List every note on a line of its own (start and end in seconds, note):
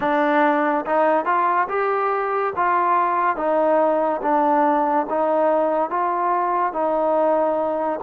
0.00 0.85 D4
0.86 1.25 D#4
1.25 1.67 F4
1.68 2.53 G4
2.56 3.36 F4
3.36 4.20 D#4
4.22 5.06 D4
5.09 5.89 D#4
5.89 6.72 F4
6.72 7.99 D#4